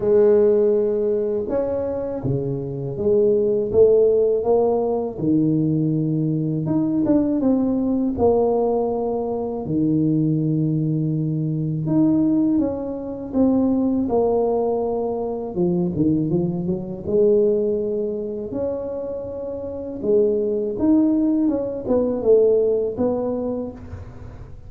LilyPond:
\new Staff \with { instrumentName = "tuba" } { \time 4/4 \tempo 4 = 81 gis2 cis'4 cis4 | gis4 a4 ais4 dis4~ | dis4 dis'8 d'8 c'4 ais4~ | ais4 dis2. |
dis'4 cis'4 c'4 ais4~ | ais4 f8 dis8 f8 fis8 gis4~ | gis4 cis'2 gis4 | dis'4 cis'8 b8 a4 b4 | }